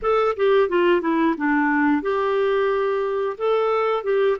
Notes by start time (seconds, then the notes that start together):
0.02 A4
0.36 G4
0.68 F4
1.01 E4
1.37 D4
2.02 G4
3.37 A4
4.03 G4